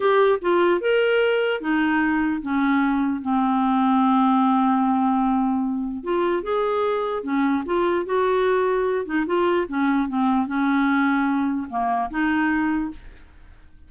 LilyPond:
\new Staff \with { instrumentName = "clarinet" } { \time 4/4 \tempo 4 = 149 g'4 f'4 ais'2 | dis'2 cis'2 | c'1~ | c'2. f'4 |
gis'2 cis'4 f'4 | fis'2~ fis'8 dis'8 f'4 | cis'4 c'4 cis'2~ | cis'4 ais4 dis'2 | }